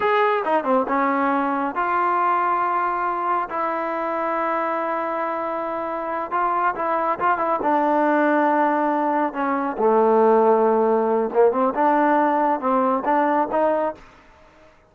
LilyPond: \new Staff \with { instrumentName = "trombone" } { \time 4/4 \tempo 4 = 138 gis'4 dis'8 c'8 cis'2 | f'1 | e'1~ | e'2~ e'8 f'4 e'8~ |
e'8 f'8 e'8 d'2~ d'8~ | d'4. cis'4 a4.~ | a2 ais8 c'8 d'4~ | d'4 c'4 d'4 dis'4 | }